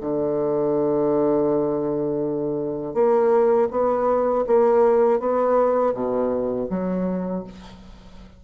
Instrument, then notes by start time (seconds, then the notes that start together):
bassoon
0.00 D3
2.94 A#3
3.70 B3
4.46 A#3
5.19 B3
5.94 B2
6.69 F#3